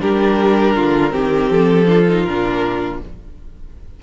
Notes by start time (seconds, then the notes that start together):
0.00 G3 D4 G4 A#4
0.76 D3 F4
1.11 D#3 C4 G4
1.50 F3 A4
1.86 D4 F4
2.09 D#4
2.25 A#2 D4 A#4